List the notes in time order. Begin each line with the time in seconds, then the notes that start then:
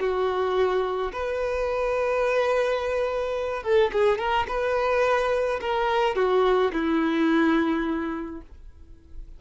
0.00 F#4
1.12 B4
3.63 A4
3.93 G#4
4.19 A#4
4.48 B4
5.61 A#4
6.16 F#4
6.73 E4